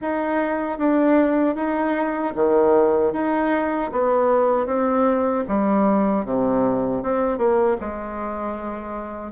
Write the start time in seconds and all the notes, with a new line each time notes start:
0.01 D#4
0.78 D4
1.55 D#4
2.35 D#3
3.12 D#4
3.92 B3
4.66 C4
5.48 G3
6.25 C3
7.03 C4
7.37 A#3
7.80 G#3